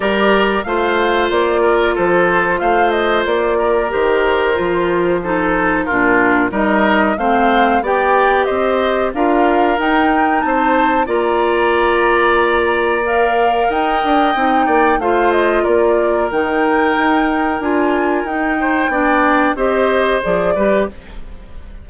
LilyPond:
<<
  \new Staff \with { instrumentName = "flute" } { \time 4/4 \tempo 4 = 92 d''4 f''4 d''4 c''4 | f''8 dis''8 d''4 c''2~ | c''4 ais'4 dis''4 f''4 | g''4 dis''4 f''4 g''4 |
a''4 ais''2. | f''4 g''2 f''8 dis''8 | d''4 g''2 gis''4 | g''2 dis''4 d''4 | }
  \new Staff \with { instrumentName = "oboe" } { \time 4/4 ais'4 c''4. ais'8 a'4 | c''4. ais'2~ ais'8 | a'4 f'4 ais'4 c''4 | d''4 c''4 ais'2 |
c''4 d''2.~ | d''4 dis''4. d''8 c''4 | ais'1~ | ais'8 c''8 d''4 c''4. b'8 | }
  \new Staff \with { instrumentName = "clarinet" } { \time 4/4 g'4 f'2.~ | f'2 g'4 f'4 | dis'4 d'4 dis'4 c'4 | g'2 f'4 dis'4~ |
dis'4 f'2. | ais'2 dis'4 f'4~ | f'4 dis'2 f'4 | dis'4 d'4 g'4 gis'8 g'8 | }
  \new Staff \with { instrumentName = "bassoon" } { \time 4/4 g4 a4 ais4 f4 | a4 ais4 dis4 f4~ | f4 ais,4 g4 a4 | b4 c'4 d'4 dis'4 |
c'4 ais2.~ | ais4 dis'8 d'8 c'8 ais8 a4 | ais4 dis4 dis'4 d'4 | dis'4 b4 c'4 f8 g8 | }
>>